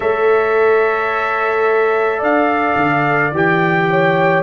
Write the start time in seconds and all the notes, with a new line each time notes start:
0.00 A3 A4 C#5 E5
2.18 D4 D5 F5
2.76 D3
3.31 E3 G4 G5
3.89 C#5